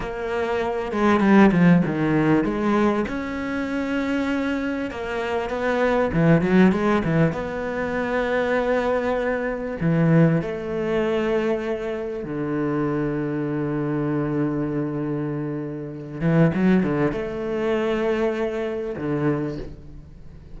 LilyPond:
\new Staff \with { instrumentName = "cello" } { \time 4/4 \tempo 4 = 98 ais4. gis8 g8 f8 dis4 | gis4 cis'2. | ais4 b4 e8 fis8 gis8 e8 | b1 |
e4 a2. | d1~ | d2~ d8 e8 fis8 d8 | a2. d4 | }